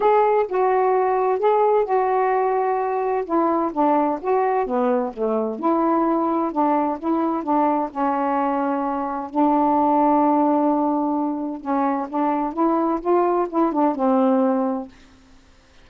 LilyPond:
\new Staff \with { instrumentName = "saxophone" } { \time 4/4 \tempo 4 = 129 gis'4 fis'2 gis'4 | fis'2. e'4 | d'4 fis'4 b4 a4 | e'2 d'4 e'4 |
d'4 cis'2. | d'1~ | d'4 cis'4 d'4 e'4 | f'4 e'8 d'8 c'2 | }